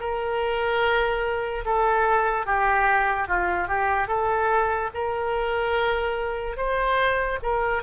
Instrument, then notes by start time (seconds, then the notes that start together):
oboe
0.00 A#4
1.65 A4
2.46 G4
3.28 F4
3.68 G4
4.08 A4
4.94 A#4
6.57 C5
7.42 A#4